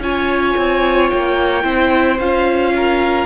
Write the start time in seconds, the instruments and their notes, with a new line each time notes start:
0.00 cello C#4, viola F4, violin C#5 G#5
0.57 cello C4
1.10 cello A#3, violin G5
1.63 cello C4, viola E4, violin C5
2.19 cello C#4, viola F4, violin F5
2.76 violin A#4